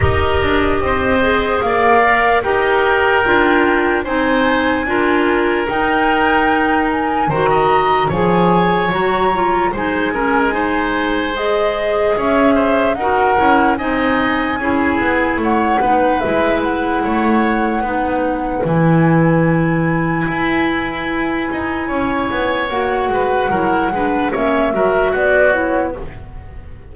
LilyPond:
<<
  \new Staff \with { instrumentName = "flute" } { \time 4/4 \tempo 4 = 74 dis''2 f''4 g''4~ | g''4 gis''2 g''4~ | g''8 gis''8 ais''4 gis''4 ais''4 | gis''2 dis''4 e''4 |
fis''4 gis''2 fis''4 | e''8 fis''2~ fis''8 gis''4~ | gis''1 | fis''2 e''4 d''8 cis''8 | }
  \new Staff \with { instrumentName = "oboe" } { \time 4/4 ais'4 c''4 d''4 ais'4~ | ais'4 c''4 ais'2~ | ais'4 c''16 dis''8. cis''2 | c''8 ais'8 c''2 cis''8 c''8 |
ais'4 dis''4 gis'4 cis''8 b'8~ | b'4 cis''4 b'2~ | b'2. cis''4~ | cis''8 b'8 ais'8 b'8 cis''8 ais'8 fis'4 | }
  \new Staff \with { instrumentName = "clarinet" } { \time 4/4 g'4. gis'4 ais'8 g'4 | f'4 dis'4 f'4 dis'4~ | dis'4 fis'4 gis'4 fis'8 f'8 | dis'8 cis'8 dis'4 gis'2 |
fis'8 e'8 dis'4 e'4. dis'8 | e'2 dis'4 e'4~ | e'1 | fis'4 e'8 d'8 cis'8 fis'4 e'8 | }
  \new Staff \with { instrumentName = "double bass" } { \time 4/4 dis'8 d'8 c'4 ais4 dis'4 | d'4 c'4 d'4 dis'4~ | dis'4 dis4 f4 fis4 | gis2. cis'4 |
dis'8 cis'8 c'4 cis'8 b8 a8 b8 | gis4 a4 b4 e4~ | e4 e'4. dis'8 cis'8 b8 | ais8 gis8 fis8 gis8 ais8 fis8 b4 | }
>>